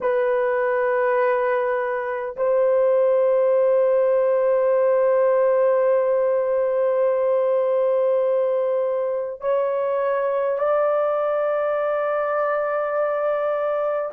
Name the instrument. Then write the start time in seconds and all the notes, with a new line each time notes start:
horn
0.00 B4
2.36 C5
9.41 C#5
10.58 D5